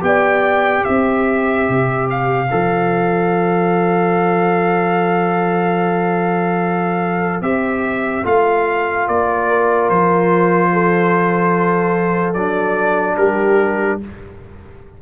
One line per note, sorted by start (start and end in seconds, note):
0.00 0.84 B3
0.00 2.47 G4
0.00 0.84 D5
0.00 0.84 G5
0.84 1.68 C4
0.84 9.47 C5
0.84 2.07 E5
1.68 2.51 C3
2.10 7.42 F5
2.51 7.41 F3
2.51 7.41 A4
7.41 8.23 C4
7.41 8.24 G4
7.41 8.24 E5
8.24 9.07 A3
8.24 12.35 F4
8.24 9.08 F5
9.07 9.89 A#3
9.07 9.90 D5
9.47 10.71 A#4
9.89 12.35 F3
9.89 12.34 C5
10.73 13.17 A4
12.34 13.17 F#3
12.34 14.02 D4
12.34 13.16 D5
13.17 14.00 G3
13.17 13.99 G4
13.17 13.99 A#4